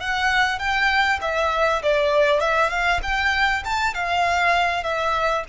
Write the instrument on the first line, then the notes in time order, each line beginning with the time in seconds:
violin
0.00 F#5
0.58 G5
1.21 E5
1.82 D5
2.40 E5
2.69 F5
3.02 G5
3.64 A5
3.94 F5
4.83 E5